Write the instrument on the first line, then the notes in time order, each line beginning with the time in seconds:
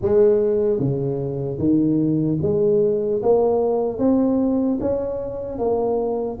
tuba
0.01 G#3
0.79 C#3
1.58 D#3
2.41 G#3
3.22 A#3
3.98 C4
4.80 C#4
5.58 A#3